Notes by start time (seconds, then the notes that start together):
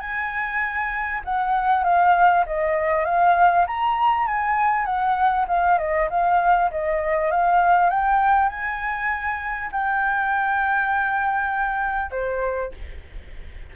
0.00 G#5
1.25 F#5
1.83 F5
2.46 D#5
3.05 F5
3.67 A#5
4.26 G#5
4.85 F#5
5.47 F5
5.78 D#5
6.09 F5
6.71 D#5
7.31 F5
7.90 G5
8.49 G#5
9.71 G5
12.11 C5